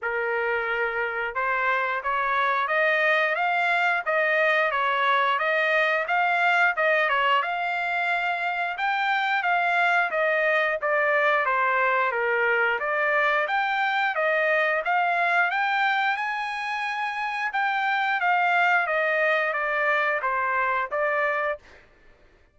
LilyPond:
\new Staff \with { instrumentName = "trumpet" } { \time 4/4 \tempo 4 = 89 ais'2 c''4 cis''4 | dis''4 f''4 dis''4 cis''4 | dis''4 f''4 dis''8 cis''8 f''4~ | f''4 g''4 f''4 dis''4 |
d''4 c''4 ais'4 d''4 | g''4 dis''4 f''4 g''4 | gis''2 g''4 f''4 | dis''4 d''4 c''4 d''4 | }